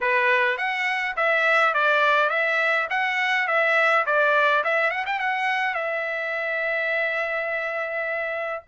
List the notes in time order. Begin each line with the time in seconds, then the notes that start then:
0.00 B4
0.57 F#5
1.16 E5
1.74 D5
2.29 E5
2.90 F#5
3.47 E5
4.06 D5
4.64 E5
4.90 F#5
5.06 G5
5.19 F#5
5.74 E5